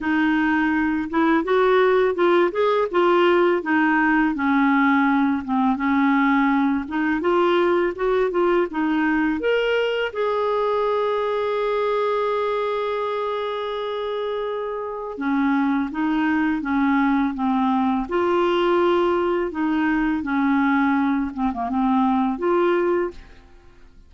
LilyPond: \new Staff \with { instrumentName = "clarinet" } { \time 4/4 \tempo 4 = 83 dis'4. e'8 fis'4 f'8 gis'8 | f'4 dis'4 cis'4. c'8 | cis'4. dis'8 f'4 fis'8 f'8 | dis'4 ais'4 gis'2~ |
gis'1~ | gis'4 cis'4 dis'4 cis'4 | c'4 f'2 dis'4 | cis'4. c'16 ais16 c'4 f'4 | }